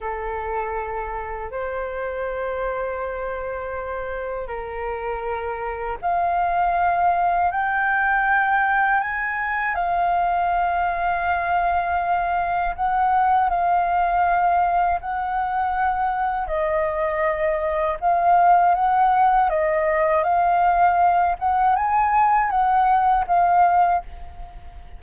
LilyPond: \new Staff \with { instrumentName = "flute" } { \time 4/4 \tempo 4 = 80 a'2 c''2~ | c''2 ais'2 | f''2 g''2 | gis''4 f''2.~ |
f''4 fis''4 f''2 | fis''2 dis''2 | f''4 fis''4 dis''4 f''4~ | f''8 fis''8 gis''4 fis''4 f''4 | }